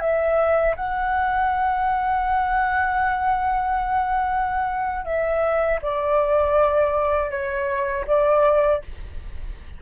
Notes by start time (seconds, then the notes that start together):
0.00 E5
0.76 F#5
5.05 E5
5.82 D5
7.30 C#5
8.07 D5